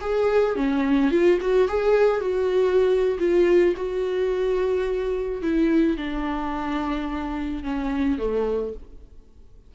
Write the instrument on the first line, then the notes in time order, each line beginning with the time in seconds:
viola
0.00 G#4
0.55 C#4
1.10 F4
1.41 F#4
1.68 G#4
2.20 F#4
3.19 F4
3.76 F#4
5.42 E4
5.96 D4
7.63 C#4
8.18 A3